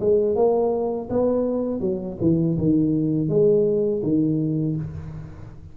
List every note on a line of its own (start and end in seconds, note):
0.00 0.36 G#3
0.36 1.09 A#3
1.09 1.80 B3
1.80 2.17 F#3
2.21 2.57 E3
2.58 3.29 D#3
3.29 4.02 G#3
4.03 4.76 D#3